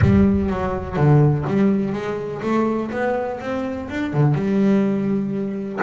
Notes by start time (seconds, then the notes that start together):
0.01 G3
0.50 F#3
0.96 D3
1.47 G3
1.92 G#3
2.42 A3
2.91 B3
3.40 C4
3.89 D4
4.13 D3
4.34 G3